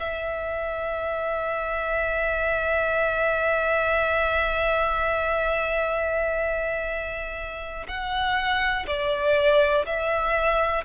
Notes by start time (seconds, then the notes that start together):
0.00 E5
7.88 F#5
8.87 D5
9.86 E5